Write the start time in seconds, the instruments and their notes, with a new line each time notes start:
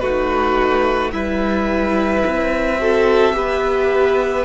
0.00 cello A3, viola D#4, violin F#4 B4
1.12 cello G3, viola E4, violin B4 E5
2.26 cello C4
2.80 viola F#4, violin A4
3.34 cello B3, viola G4, violin B4